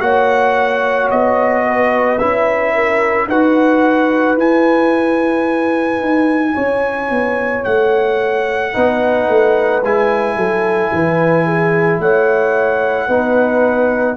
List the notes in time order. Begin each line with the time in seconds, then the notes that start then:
0.00 A#3 F#4 C#5 F#5
1.10 B3 D#5
1.67 B4
2.18 C#4 E4 E5
2.75 A#4
3.27 D#4 F#4 B4 F#5
4.36 E4 G#5
6.00 D#4
6.54 C#4 C#5
7.10 B3
7.64 A3 F#5
8.73 B3 D#4 B4
9.28 A3
9.82 G#3 E4 G#5
10.36 F#3 A4
10.93 E3 B4
11.46 G#4
11.99 A3 C#5 F#5
13.07 B3 D#4 B4